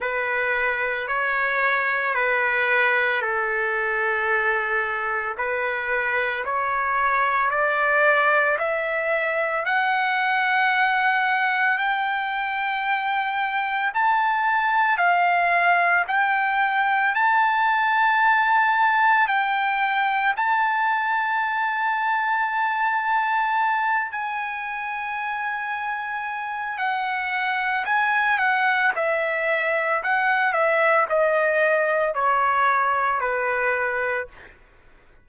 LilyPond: \new Staff \with { instrumentName = "trumpet" } { \time 4/4 \tempo 4 = 56 b'4 cis''4 b'4 a'4~ | a'4 b'4 cis''4 d''4 | e''4 fis''2 g''4~ | g''4 a''4 f''4 g''4 |
a''2 g''4 a''4~ | a''2~ a''8 gis''4.~ | gis''4 fis''4 gis''8 fis''8 e''4 | fis''8 e''8 dis''4 cis''4 b'4 | }